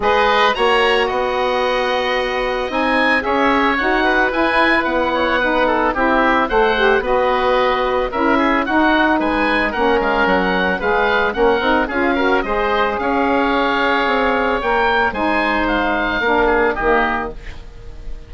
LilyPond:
<<
  \new Staff \with { instrumentName = "oboe" } { \time 4/4 \tempo 4 = 111 dis''4 ais''4 fis''2~ | fis''4 gis''4 e''4 fis''4 | gis''4 fis''2 e''4 | fis''4 dis''2 e''4 |
fis''4 gis''4 fis''8 f''8 fis''4 | f''4 fis''4 f''4 dis''4 | f''2. g''4 | gis''4 f''2 dis''4 | }
  \new Staff \with { instrumentName = "oboe" } { \time 4/4 b'4 cis''4 dis''2~ | dis''2 cis''4. b'8~ | b'4. cis''8 b'8 a'8 g'4 | c''4 b'2 ais'8 gis'8 |
fis'4 b'4 ais'2 | b'4 ais'4 gis'8 ais'8 c''4 | cis''1 | c''2 ais'8 gis'8 g'4 | }
  \new Staff \with { instrumentName = "saxophone" } { \time 4/4 gis'4 fis'2.~ | fis'4 dis'4 gis'4 fis'4 | e'2 dis'4 e'4 | a'8 g'8 fis'2 e'4 |
dis'2 cis'2 | gis'4 cis'8 dis'8 f'8 fis'8 gis'4~ | gis'2. ais'4 | dis'2 d'4 ais4 | }
  \new Staff \with { instrumentName = "bassoon" } { \time 4/4 gis4 ais4 b2~ | b4 c'4 cis'4 dis'4 | e'4 b2 c'4 | a4 b2 cis'4 |
dis'4 gis4 ais8 gis8 fis4 | gis4 ais8 c'8 cis'4 gis4 | cis'2 c'4 ais4 | gis2 ais4 dis4 | }
>>